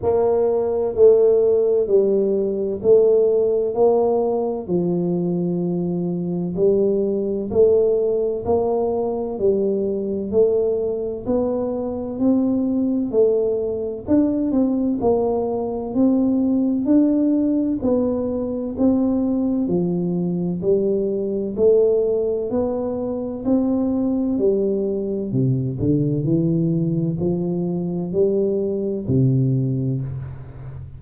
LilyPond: \new Staff \with { instrumentName = "tuba" } { \time 4/4 \tempo 4 = 64 ais4 a4 g4 a4 | ais4 f2 g4 | a4 ais4 g4 a4 | b4 c'4 a4 d'8 c'8 |
ais4 c'4 d'4 b4 | c'4 f4 g4 a4 | b4 c'4 g4 c8 d8 | e4 f4 g4 c4 | }